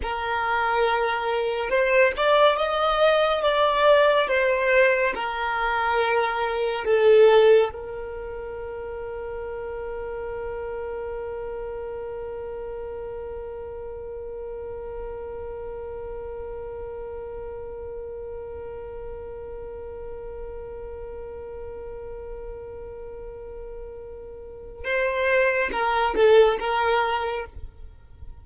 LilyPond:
\new Staff \with { instrumentName = "violin" } { \time 4/4 \tempo 4 = 70 ais'2 c''8 d''8 dis''4 | d''4 c''4 ais'2 | a'4 ais'2.~ | ais'1~ |
ais'1~ | ais'1~ | ais'1~ | ais'4 c''4 ais'8 a'8 ais'4 | }